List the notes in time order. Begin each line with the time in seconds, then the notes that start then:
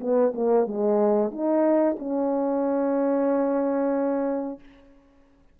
0.00 B3
0.34 A#3
0.67 G#3
1.31 D#4
1.99 C#4